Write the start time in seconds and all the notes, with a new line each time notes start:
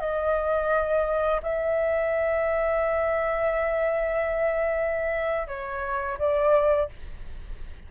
0.00 D#5
1.43 E5
5.47 C#5
6.19 D5